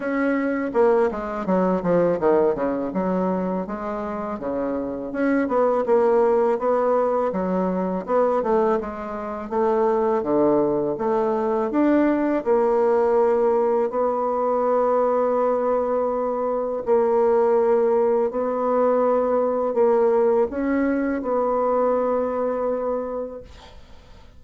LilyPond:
\new Staff \with { instrumentName = "bassoon" } { \time 4/4 \tempo 4 = 82 cis'4 ais8 gis8 fis8 f8 dis8 cis8 | fis4 gis4 cis4 cis'8 b8 | ais4 b4 fis4 b8 a8 | gis4 a4 d4 a4 |
d'4 ais2 b4~ | b2. ais4~ | ais4 b2 ais4 | cis'4 b2. | }